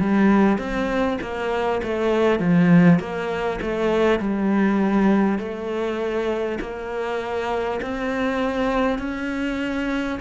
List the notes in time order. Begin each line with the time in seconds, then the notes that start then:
0.00 G3
0.58 C4
1.22 A#3
1.83 A3
2.39 F3
2.99 A#3
3.62 A3
4.19 G3
5.38 A3
6.61 A#3
7.82 C4
8.99 C#4